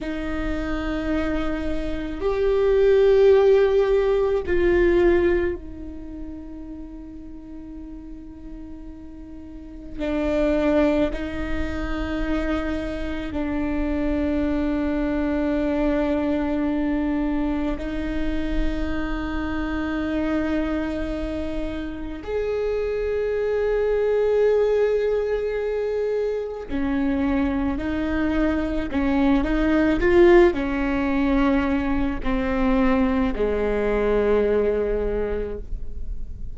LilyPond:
\new Staff \with { instrumentName = "viola" } { \time 4/4 \tempo 4 = 54 dis'2 g'2 | f'4 dis'2.~ | dis'4 d'4 dis'2 | d'1 |
dis'1 | gis'1 | cis'4 dis'4 cis'8 dis'8 f'8 cis'8~ | cis'4 c'4 gis2 | }